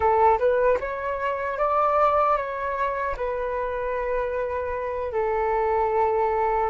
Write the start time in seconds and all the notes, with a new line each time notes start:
0.00 A4
0.38 B4
0.80 C#5
1.58 D5
2.36 C#5
3.16 B4
5.12 A4